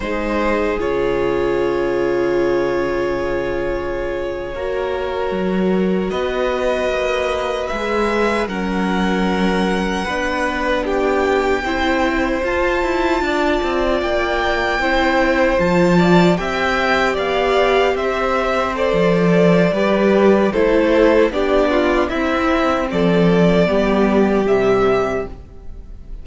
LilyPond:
<<
  \new Staff \with { instrumentName = "violin" } { \time 4/4 \tempo 4 = 76 c''4 cis''2.~ | cis''2.~ cis''8. dis''16~ | dis''4.~ dis''16 e''4 fis''4~ fis''16~ | fis''4.~ fis''16 g''2 a''16~ |
a''4.~ a''16 g''2 a''16~ | a''8. g''4 f''4 e''4 d''16~ | d''2 c''4 d''4 | e''4 d''2 e''4 | }
  \new Staff \with { instrumentName = "violin" } { \time 4/4 gis'1~ | gis'4.~ gis'16 ais'2 b'16~ | b'2~ b'8. ais'4~ ais'16~ | ais'8. b'4 g'4 c''4~ c''16~ |
c''8. d''2 c''4~ c''16~ | c''16 d''8 e''4 d''4 c''4~ c''16~ | c''4 b'4 a'4 g'8 f'8 | e'4 a'4 g'2 | }
  \new Staff \with { instrumentName = "viola" } { \time 4/4 dis'4 f'2.~ | f'4.~ f'16 fis'2~ fis'16~ | fis'4.~ fis'16 gis'4 cis'4~ cis'16~ | cis'8. d'2 e'4 f'16~ |
f'2~ f'8. e'4 f'16~ | f'8. g'2. a'16~ | a'4 g'4 e'4 d'4 | c'2 b4 g4 | }
  \new Staff \with { instrumentName = "cello" } { \time 4/4 gis4 cis2.~ | cis4.~ cis16 ais4 fis4 b16~ | b8. ais4 gis4 fis4~ fis16~ | fis8. b2 c'4 f'16~ |
f'16 e'8 d'8 c'8 ais4 c'4 f16~ | f8. c'4 b4 c'4~ c'16 | f4 g4 a4 b4 | c'4 f4 g4 c4 | }
>>